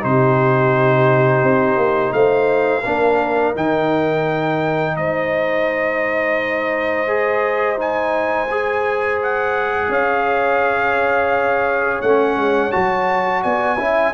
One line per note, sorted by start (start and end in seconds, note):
0.00 1.43 C3
0.00 2.82 D#4
0.00 2.14 G4
0.00 2.13 C5
1.43 1.77 C4
1.77 2.12 A#3
2.13 2.84 A3
2.13 2.81 C5
2.13 3.54 F5
2.81 3.56 A#3
2.81 3.55 D4
2.81 4.93 A#4
3.55 4.96 D#3
3.55 7.07 D#4
3.55 4.96 G5
4.96 9.89 G#3
4.96 9.90 C5
4.96 7.79 D#5
7.07 7.77 G#4
7.77 8.48 D#4
7.77 9.22 G#5
8.51 12.04 G#4
9.22 9.92 F#5
9.89 12.01 C#4
9.89 13.42 C#5
9.89 12.01 F5
12.01 12.37 A3
12.01 12.72 C#4
12.01 12.72 F#5
12.37 12.72 G#3
12.72 13.44 F#3
12.72 13.77 F#4
12.72 13.42 A5
13.43 13.78 B3
13.43 13.78 D5
13.43 14.14 G#5
13.78 14.13 C#4
13.78 14.14 E4
13.78 14.14 E5